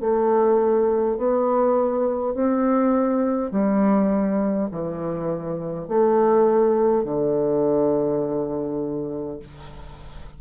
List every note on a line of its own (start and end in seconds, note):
0.00 1.18 A3
1.18 2.34 B3
2.34 3.51 C4
3.51 4.69 G3
4.71 5.88 E3
5.88 7.04 A3
7.04 9.40 D3